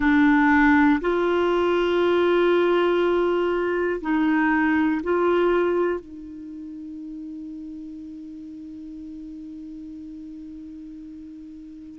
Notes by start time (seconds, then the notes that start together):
0.00 D4
1.00 F4
4.00 D#4
5.03 F4
6.00 D#4